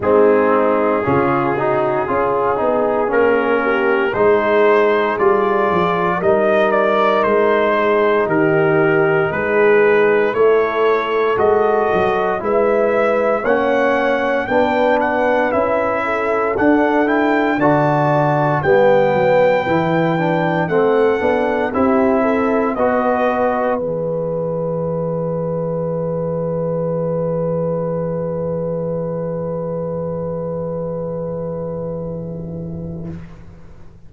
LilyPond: <<
  \new Staff \with { instrumentName = "trumpet" } { \time 4/4 \tempo 4 = 58 gis'2. ais'4 | c''4 d''4 dis''8 d''8 c''4 | ais'4 b'4 cis''4 dis''4 | e''4 fis''4 g''8 fis''8 e''4 |
fis''8 g''8 a''4 g''2 | fis''4 e''4 dis''4 e''4~ | e''1~ | e''1 | }
  \new Staff \with { instrumentName = "horn" } { \time 4/4 dis'4 f'8 fis'8 gis'4. g'8 | gis'2 ais'4. gis'8 | g'4 gis'4 a'2 | b'4 cis''4 b'4. a'8~ |
a'4 d''4 b'2 | a'4 g'8 a'8 b'2~ | b'1~ | b'1 | }
  \new Staff \with { instrumentName = "trombone" } { \time 4/4 c'4 cis'8 dis'8 f'8 dis'8 cis'4 | dis'4 f'4 dis'2~ | dis'2 e'4 fis'4 | e'4 cis'4 d'4 e'4 |
d'8 e'8 fis'4 b4 e'8 d'8 | c'8 d'8 e'4 fis'4 gis'4~ | gis'1~ | gis'1 | }
  \new Staff \with { instrumentName = "tuba" } { \time 4/4 gis4 cis4 cis'8 b8 ais4 | gis4 g8 f8 g4 gis4 | dis4 gis4 a4 gis8 fis8 | gis4 ais4 b4 cis'4 |
d'4 d4 g8 fis8 e4 | a8 b8 c'4 b4 e4~ | e1~ | e1 | }
>>